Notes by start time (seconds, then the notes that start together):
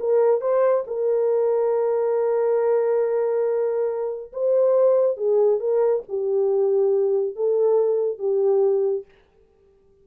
0.00 A#4
0.41 C5
0.87 A#4
4.33 C5
5.17 G#4
5.60 A#4
6.09 G4
7.36 A4
8.19 G4